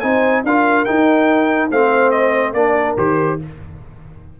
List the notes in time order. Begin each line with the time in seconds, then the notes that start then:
0.00 C4 D#4 C5 G#5
0.44 D4 F4 A#4 F5
0.85 D#4 G5
1.71 A3 C4 C5 F5
2.11 D#5
2.53 A#3 D4 A#4 D5
2.97 D#3 G4 C5